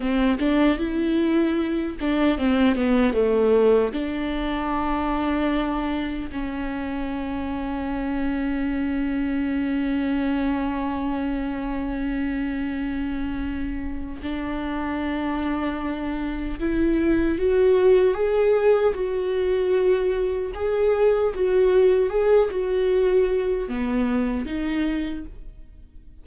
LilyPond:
\new Staff \with { instrumentName = "viola" } { \time 4/4 \tempo 4 = 76 c'8 d'8 e'4. d'8 c'8 b8 | a4 d'2. | cis'1~ | cis'1~ |
cis'2 d'2~ | d'4 e'4 fis'4 gis'4 | fis'2 gis'4 fis'4 | gis'8 fis'4. b4 dis'4 | }